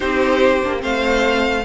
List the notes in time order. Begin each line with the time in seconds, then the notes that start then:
0.00 C4 D#4 G4 C5
0.63 A#3 D4
0.78 A3 C4 C5 F5